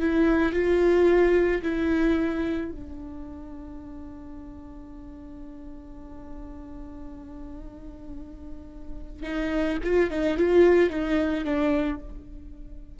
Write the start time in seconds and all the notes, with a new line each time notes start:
0.00 E4
0.53 F4
1.63 E4
2.72 D4
9.24 D#4
9.84 F4
10.11 D#4
10.38 F4
10.90 D#4
11.45 D4